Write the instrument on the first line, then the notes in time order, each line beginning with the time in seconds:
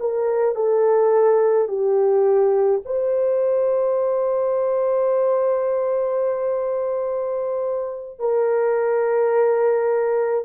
horn
0.00 A#4
0.55 A4
1.68 G4
2.85 C5
8.19 A#4